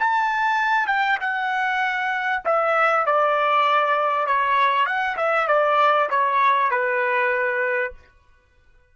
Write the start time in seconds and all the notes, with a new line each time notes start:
0.00 A5
0.88 G5
1.21 F#5
2.45 E5
3.06 D5
4.27 C#5
4.86 F#5
5.17 E5
5.48 D5
6.11 C#5
6.71 B4